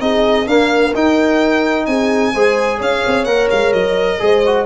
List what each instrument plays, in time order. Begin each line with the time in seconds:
0.00 tuba C4, trombone D#4, horn G#4, violin D#5
0.47 trombone A#3, tuba D4, horn A#4, violin F5
0.94 tuba D#4, trombone D#4, violin G5
1.86 tuba C4, horn G#4, violin G#5
2.33 tuba G#3, trombone G#4, horn C5
2.77 tuba C#4, horn C#5, violin F5
3.06 tuba C4
3.25 tuba A#3, trombone A#4, violin F#5
3.50 tuba G#3, violin F5
3.72 tuba F#3, violin D#5
4.19 tuba G#3, trombone G#4, horn C5
4.46 trombone F#4